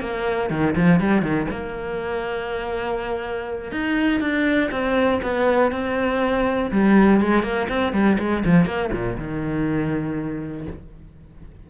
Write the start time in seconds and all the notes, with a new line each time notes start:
0.00 A#3
0.50 D#3
0.76 F3
1.00 G3
1.22 D#3
1.50 A#3
3.71 D#4
4.20 D4
4.71 C4
5.22 B3
5.71 C4
6.71 G3
7.21 G#3
7.43 A#3
7.69 C4
7.92 G3
8.19 G#3
8.45 F3
8.65 A#3
8.92 A#2
9.18 D#3